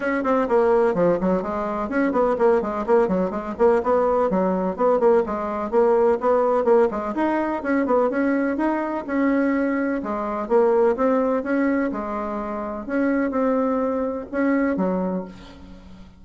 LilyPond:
\new Staff \with { instrumentName = "bassoon" } { \time 4/4 \tempo 4 = 126 cis'8 c'8 ais4 f8 fis8 gis4 | cis'8 b8 ais8 gis8 ais8 fis8 gis8 ais8 | b4 fis4 b8 ais8 gis4 | ais4 b4 ais8 gis8 dis'4 |
cis'8 b8 cis'4 dis'4 cis'4~ | cis'4 gis4 ais4 c'4 | cis'4 gis2 cis'4 | c'2 cis'4 fis4 | }